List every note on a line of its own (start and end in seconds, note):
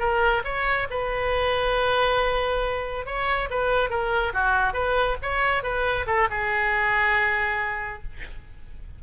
0.00 0.43 A#4
0.45 0.88 C#5
0.90 3.06 B4
3.06 3.50 C#5
3.51 3.90 B4
3.90 4.33 A#4
4.34 4.74 F#4
4.74 5.17 B4
5.22 5.63 C#5
5.63 6.06 B4
6.07 6.29 A4
6.31 8.03 G#4